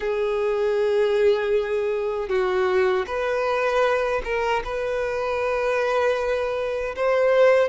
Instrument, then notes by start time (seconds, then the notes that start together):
violin
0.00 G#4
2.28 F#4
3.06 B4
4.24 A#4
4.64 B4
6.95 C5